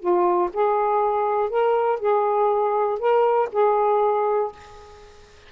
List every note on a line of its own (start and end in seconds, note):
0.00 0.50 F4
0.53 1.50 G#4
1.50 2.00 A#4
2.00 3.00 G#4
3.00 3.50 A#4
3.52 4.52 G#4